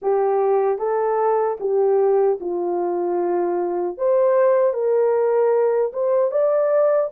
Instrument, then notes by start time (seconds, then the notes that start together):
horn
0.02 G4
0.78 A4
1.60 G4
2.40 F4
3.97 C5
4.73 A#4
5.92 C5
6.31 D5